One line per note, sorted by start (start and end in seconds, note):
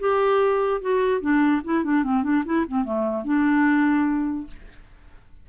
0.00 0.82 G4
0.82 1.21 F#4
1.21 1.62 D4
1.65 1.84 E4
1.84 2.04 D4
2.04 2.24 C4
2.24 2.44 D4
2.46 2.66 E4
2.68 2.85 C4
2.85 3.25 A3
3.25 4.47 D4